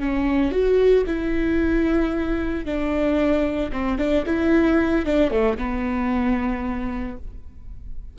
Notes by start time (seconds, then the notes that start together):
0.00 C#4
0.52 F#4
1.07 E4
2.65 D4
3.73 C4
3.98 D4
4.27 E4
5.06 D4
5.31 A3
5.58 B3